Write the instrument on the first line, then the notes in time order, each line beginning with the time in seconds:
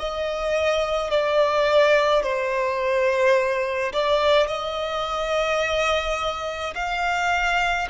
violin
0.00 D#5
1.11 D5
2.23 C5
3.93 D5
4.48 D#5
6.75 F5